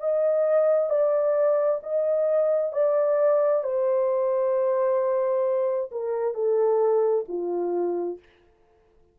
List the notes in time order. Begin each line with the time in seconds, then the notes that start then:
0.00 D#5
0.90 D5
1.83 D#5
2.73 D5
3.64 C5
5.91 A#4
6.34 A4
7.28 F4